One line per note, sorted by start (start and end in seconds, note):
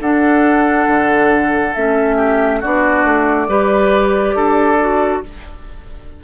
0.00 0.87 D4
0.00 1.76 D4
0.00 2.16 A4
0.00 1.74 F#5
0.88 1.75 D3
1.74 2.63 A3
1.74 2.62 C#4
1.74 2.61 E5
2.16 2.60 G4
2.60 3.05 B3
2.60 3.48 D4
2.60 3.47 F#4
2.60 5.23 D5
3.05 3.48 A3
3.48 4.35 G3
3.48 4.79 G4
3.48 4.36 B4
4.35 5.22 D4
4.35 5.23 A4
4.80 5.24 F#4